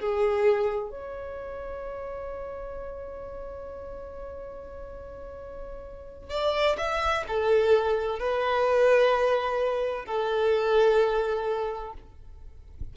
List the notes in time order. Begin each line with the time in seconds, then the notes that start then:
0.00 G#4
0.91 C#5
6.30 D5
6.78 E5
7.28 A4
8.20 B4
10.06 A4